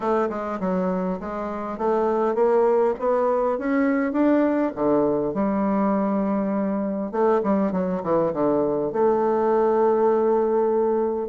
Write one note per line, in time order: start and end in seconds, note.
0.00 0.28 A3
0.29 0.59 G#3
0.60 1.19 F#3
1.19 1.78 G#3
1.78 2.34 A3
2.34 2.94 A#3
2.99 3.58 B3
3.58 4.12 C#4
4.12 4.71 D4
4.75 5.34 D3
5.34 7.11 G3
7.11 7.41 A3
7.43 7.72 G3
7.72 8.01 F#3
8.03 8.32 E3
8.33 8.92 D3
8.92 11.28 A3